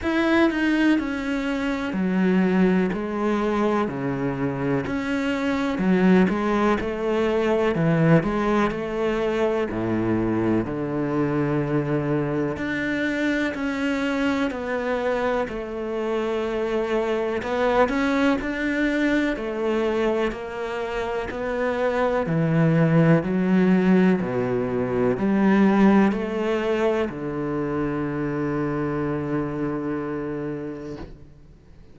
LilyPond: \new Staff \with { instrumentName = "cello" } { \time 4/4 \tempo 4 = 62 e'8 dis'8 cis'4 fis4 gis4 | cis4 cis'4 fis8 gis8 a4 | e8 gis8 a4 a,4 d4~ | d4 d'4 cis'4 b4 |
a2 b8 cis'8 d'4 | a4 ais4 b4 e4 | fis4 b,4 g4 a4 | d1 | }